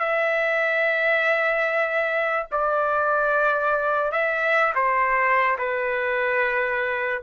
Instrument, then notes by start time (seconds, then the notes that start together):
trumpet
0.00 E5
2.52 D5
4.12 E5
4.76 C5
5.59 B4